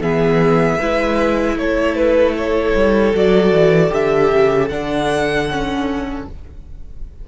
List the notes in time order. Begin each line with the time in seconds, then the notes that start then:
0.00 E3 B3 G#4 E5
0.79 G#3 E4 B4
1.56 A3 A4 C#5
1.95 B4
2.38 C#5
2.75 G3
3.15 F#3 F#4 D5
3.52 E3
3.90 D3 G4 E5
4.32 C#3
4.69 D3 D4 F#5
5.51 C#4